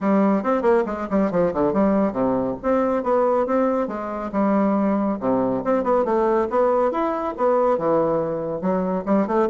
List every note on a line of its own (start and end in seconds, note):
0.01 0.43 G3
0.43 0.62 C4
0.62 0.83 A#3
0.86 1.07 G#3
1.10 1.31 G3
1.31 1.52 F3
1.53 1.73 D3
1.73 2.12 G3
2.12 2.55 C3
2.62 3.03 C4
3.03 3.46 B3
3.46 3.87 C4
3.87 4.30 G#3
4.32 5.18 G3
5.20 5.63 C3
5.64 5.83 C4
5.83 6.04 B3
6.04 6.47 A3
6.50 6.91 B3
6.91 7.34 E4
7.37 7.77 B3
7.77 8.61 E3
8.61 9.04 F#3
9.05 9.27 G3
9.27 9.48 A3